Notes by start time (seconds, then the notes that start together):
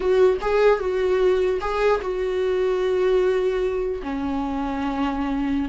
0.00 F#4
0.41 G#4
0.79 F#4
1.61 G#4
2.01 F#4
4.02 C#4